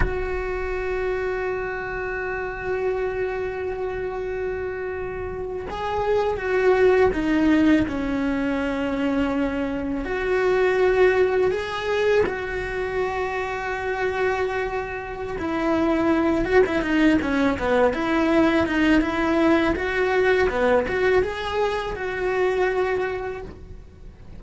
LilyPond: \new Staff \with { instrumentName = "cello" } { \time 4/4 \tempo 4 = 82 fis'1~ | fis'2.~ fis'8. gis'16~ | gis'8. fis'4 dis'4 cis'4~ cis'16~ | cis'4.~ cis'16 fis'2 gis'16~ |
gis'8. fis'2.~ fis'16~ | fis'4 e'4. fis'16 e'16 dis'8 cis'8 | b8 e'4 dis'8 e'4 fis'4 | b8 fis'8 gis'4 fis'2 | }